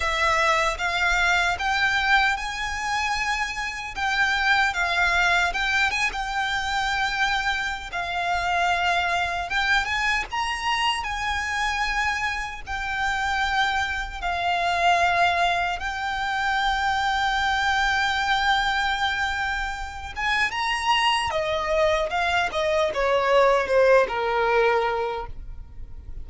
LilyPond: \new Staff \with { instrumentName = "violin" } { \time 4/4 \tempo 4 = 76 e''4 f''4 g''4 gis''4~ | gis''4 g''4 f''4 g''8 gis''16 g''16~ | g''2 f''2 | g''8 gis''8 ais''4 gis''2 |
g''2 f''2 | g''1~ | g''4. gis''8 ais''4 dis''4 | f''8 dis''8 cis''4 c''8 ais'4. | }